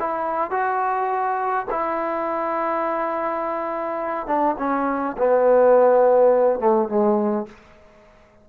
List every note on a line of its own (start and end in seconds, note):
0.00 0.51 E4
0.51 1.67 F#4
1.70 4.27 E4
4.27 4.56 D4
4.59 5.17 C#4
5.18 6.60 B3
6.60 6.89 A3
6.89 7.46 G#3